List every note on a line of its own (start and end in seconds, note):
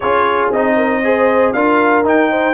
0.00 0.50 C#4
0.00 0.53 F4
0.00 0.75 G#4
0.00 0.49 C#5
0.50 1.53 C4
0.50 1.03 D#4
0.50 1.53 D#5
0.75 1.01 A#4
1.03 1.54 G#4
1.03 1.54 C5
1.53 2.04 D4
1.53 2.04 F4
1.53 2.31 A#4
1.53 2.04 F5
2.04 2.54 D#4
2.04 2.54 G5
2.31 2.54 C5